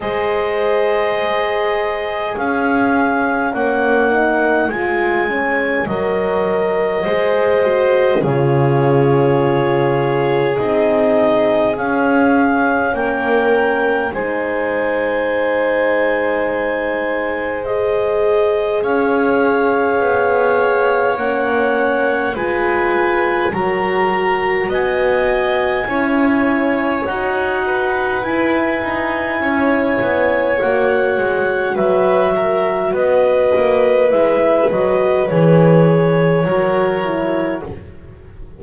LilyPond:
<<
  \new Staff \with { instrumentName = "clarinet" } { \time 4/4 \tempo 4 = 51 dis''2 f''4 fis''4 | gis''4 dis''2 cis''4~ | cis''4 dis''4 f''4 g''4 | gis''2. dis''4 |
f''2 fis''4 gis''4 | ais''4 gis''2 fis''4 | gis''2 fis''4 e''4 | dis''4 e''8 dis''8 cis''2 | }
  \new Staff \with { instrumentName = "violin" } { \time 4/4 c''2 cis''2~ | cis''2 c''4 gis'4~ | gis'2. ais'4 | c''1 |
cis''2. b'4 | ais'4 dis''4 cis''4. b'8~ | b'4 cis''2 b'8 ais'8 | b'2. ais'4 | }
  \new Staff \with { instrumentName = "horn" } { \time 4/4 gis'2. cis'8 dis'8 | f'8 cis'8 ais'4 gis'8 fis'8 f'4~ | f'4 dis'4 cis'2 | dis'2. gis'4~ |
gis'2 cis'4 f'4 | fis'2 e'4 fis'4 | e'2 fis'2~ | fis'4 e'8 fis'8 gis'4 fis'8 e'8 | }
  \new Staff \with { instrumentName = "double bass" } { \time 4/4 gis2 cis'4 ais4 | gis4 fis4 gis4 cis4~ | cis4 c'4 cis'4 ais4 | gis1 |
cis'4 b4 ais4 gis4 | fis4 b4 cis'4 dis'4 | e'8 dis'8 cis'8 b8 ais8 gis8 fis4 | b8 ais8 gis8 fis8 e4 fis4 | }
>>